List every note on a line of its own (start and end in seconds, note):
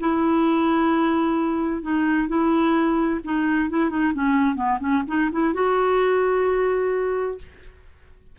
0.00 1.82 E4
1.82 2.28 D#4
2.28 3.20 E4
3.24 3.70 D#4
3.70 3.90 E4
3.90 4.13 D#4
4.14 4.56 C#4
4.56 4.79 B3
4.80 5.03 C#4
5.07 5.30 D#4
5.32 5.54 E4
5.54 7.38 F#4